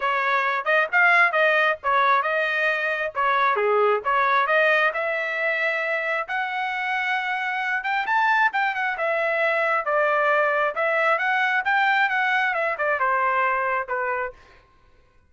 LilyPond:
\new Staff \with { instrumentName = "trumpet" } { \time 4/4 \tempo 4 = 134 cis''4. dis''8 f''4 dis''4 | cis''4 dis''2 cis''4 | gis'4 cis''4 dis''4 e''4~ | e''2 fis''2~ |
fis''4. g''8 a''4 g''8 fis''8 | e''2 d''2 | e''4 fis''4 g''4 fis''4 | e''8 d''8 c''2 b'4 | }